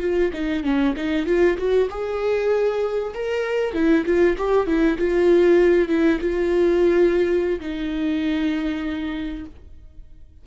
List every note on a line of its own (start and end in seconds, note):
0.00 0.31 F4
0.33 0.63 D#4
0.63 0.94 C#4
0.96 1.26 D#4
1.26 1.57 F4
1.57 1.88 F#4
1.90 3.13 G#4
3.13 3.73 A#4
3.73 4.04 E4
4.05 4.36 F4
4.37 4.66 G4
4.66 4.97 E4
4.98 5.88 F4
5.88 6.19 E4
6.20 7.59 F4
7.60 9.45 D#4